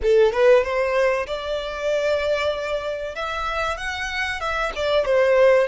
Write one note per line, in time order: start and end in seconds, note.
0.02 0.32 A4
0.32 0.63 B4
0.63 1.26 C5
1.27 3.15 D5
3.15 3.77 E5
3.77 4.40 F#5
4.40 4.71 E5
4.75 5.05 D5
5.05 5.67 C5